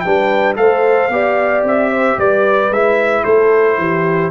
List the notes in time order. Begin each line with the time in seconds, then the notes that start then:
0.00 G3 D4 B4 G5
0.56 A3 A4 C5 F5
1.09 B3 G4 D5
1.63 C4 E5
1.91 C5
2.17 G3 B4 D5
2.70 G#3 E4 E5
3.24 A3 A4 C5
3.78 E3 G4